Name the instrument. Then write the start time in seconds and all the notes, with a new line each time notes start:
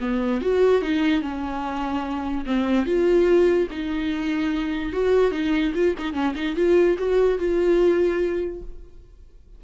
viola
0.00 B3
0.41 F#4
0.81 D#4
1.22 C#4
2.46 C4
2.85 F4
3.70 D#4
4.92 F#4
5.31 D#4
5.74 F4
5.98 D#4
6.13 C#4
6.35 D#4
6.56 F4
6.98 F#4
7.38 F4